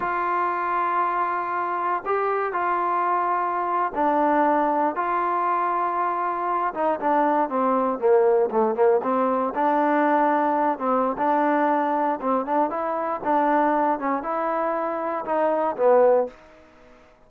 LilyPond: \new Staff \with { instrumentName = "trombone" } { \time 4/4 \tempo 4 = 118 f'1 | g'4 f'2~ f'8. d'16~ | d'4.~ d'16 f'2~ f'16~ | f'4~ f'16 dis'8 d'4 c'4 ais16~ |
ais8. a8 ais8 c'4 d'4~ d'16~ | d'4~ d'16 c'8. d'2 | c'8 d'8 e'4 d'4. cis'8 | e'2 dis'4 b4 | }